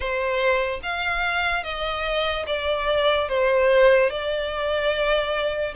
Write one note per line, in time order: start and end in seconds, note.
0.00 0.80 C5
0.83 1.63 F5
1.63 2.45 D#5
2.47 3.29 D5
3.29 4.10 C5
4.10 5.74 D5